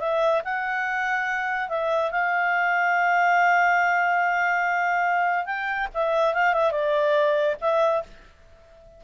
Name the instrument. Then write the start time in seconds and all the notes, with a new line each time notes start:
clarinet
0.00 E5
0.45 F#5
1.69 E5
2.11 F5
5.46 G5
5.94 E5
6.34 F5
6.54 E5
6.71 D5
7.61 E5